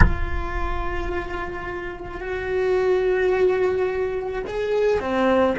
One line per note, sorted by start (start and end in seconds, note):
0.00 2.20 F4
2.20 4.42 F#4
4.46 4.99 G#4
4.99 5.55 C4